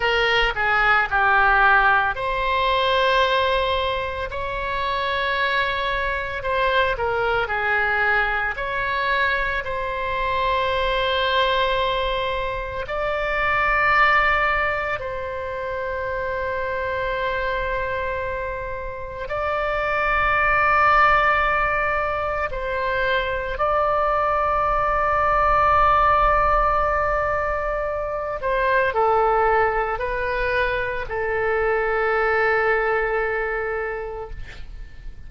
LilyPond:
\new Staff \with { instrumentName = "oboe" } { \time 4/4 \tempo 4 = 56 ais'8 gis'8 g'4 c''2 | cis''2 c''8 ais'8 gis'4 | cis''4 c''2. | d''2 c''2~ |
c''2 d''2~ | d''4 c''4 d''2~ | d''2~ d''8 c''8 a'4 | b'4 a'2. | }